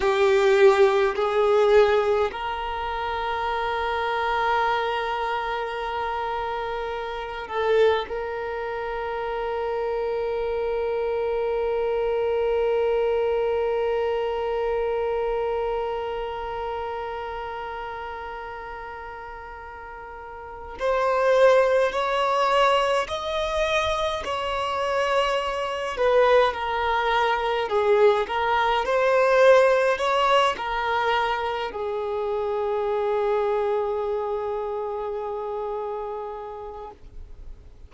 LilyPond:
\new Staff \with { instrumentName = "violin" } { \time 4/4 \tempo 4 = 52 g'4 gis'4 ais'2~ | ais'2~ ais'8 a'8 ais'4~ | ais'1~ | ais'1~ |
ais'2 c''4 cis''4 | dis''4 cis''4. b'8 ais'4 | gis'8 ais'8 c''4 cis''8 ais'4 gis'8~ | gis'1 | }